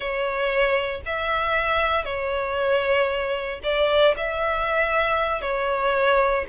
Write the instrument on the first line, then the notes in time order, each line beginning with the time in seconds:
violin
0.00 C#5
1.05 E5
2.05 C#5
3.63 D5
4.17 E5
5.41 C#5